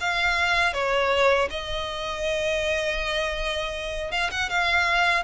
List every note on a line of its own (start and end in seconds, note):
0.00 0.73 F5
0.73 1.48 C#5
1.50 4.11 D#5
4.11 4.30 F5
4.31 4.49 F#5
4.49 5.23 F5